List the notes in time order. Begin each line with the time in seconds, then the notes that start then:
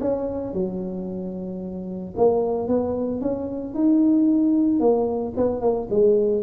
0.00 C#4
0.54 F#3
2.16 A#3
2.68 B3
3.21 C#4
3.74 D#4
4.80 A#3
5.37 B3
5.61 A#3
5.90 G#3